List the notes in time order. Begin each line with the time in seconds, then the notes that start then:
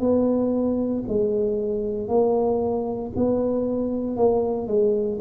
0.00 B3
1.08 G#3
2.08 A#3
3.16 B3
4.16 A#3
4.67 G#3